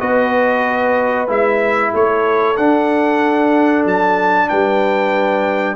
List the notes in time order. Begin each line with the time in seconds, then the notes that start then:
0.00 B3 F#4 B4 D#5
1.28 G#3 E4 E5
1.94 A3 A4 C#5
2.57 D4 F#5
3.85 F#3 A5
4.49 G3 B4 G5